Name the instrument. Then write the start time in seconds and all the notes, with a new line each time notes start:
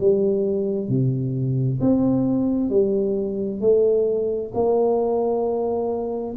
tuba
0.00 G3
0.89 C3
1.81 C4
2.70 G3
3.61 A3
4.54 A#3